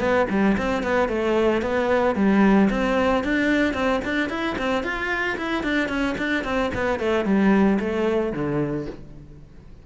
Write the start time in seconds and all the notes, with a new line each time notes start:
0.00 B3
0.30 G3
0.58 C4
0.83 B3
1.09 A3
1.62 B3
2.16 G3
2.71 C4
3.24 D4
3.74 C4
4.05 D4
4.30 E4
4.59 C4
4.84 F4
5.37 E4
5.63 D4
5.89 C#4
6.18 D4
6.44 C4
6.74 B3
7.00 A3
7.25 G3
7.80 A3
8.33 D3